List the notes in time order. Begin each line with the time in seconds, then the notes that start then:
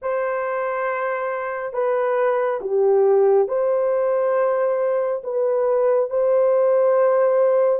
0.02 C5
1.73 B4
2.60 G4
3.48 C5
5.23 B4
6.10 C5